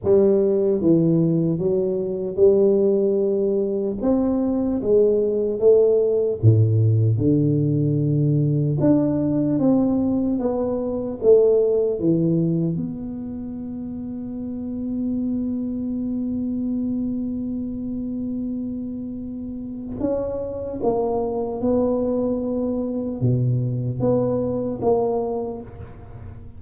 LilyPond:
\new Staff \with { instrumentName = "tuba" } { \time 4/4 \tempo 4 = 75 g4 e4 fis4 g4~ | g4 c'4 gis4 a4 | a,4 d2 d'4 | c'4 b4 a4 e4 |
b1~ | b1~ | b4 cis'4 ais4 b4~ | b4 b,4 b4 ais4 | }